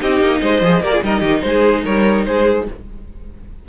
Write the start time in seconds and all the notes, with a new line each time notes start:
0.00 C4 D#4 G4 D#5
0.20 A#3
0.41 G#3 C5
0.61 F3 G#4
0.80 A#3 G4 A#4 D5
0.92 F4 G#4
1.03 G3 D#4 A#4 D#5
1.20 D#3 G4
1.41 G#3 G#4 C5
1.84 G3 A#4 C#5
2.24 G#3 G#4 C5